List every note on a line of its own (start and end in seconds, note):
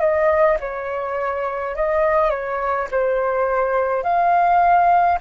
0.00 0.58 D#5
0.60 1.76 C#5
1.76 2.30 D#5
2.30 2.88 C#5
2.92 4.03 C5
4.03 5.19 F5